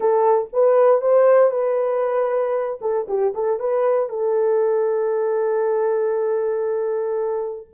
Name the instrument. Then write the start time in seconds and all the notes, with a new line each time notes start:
horn
0.00 A4
0.52 B4
1.01 C5
1.51 B4
2.81 A4
3.07 G4
3.34 A4
3.59 B4
4.09 A4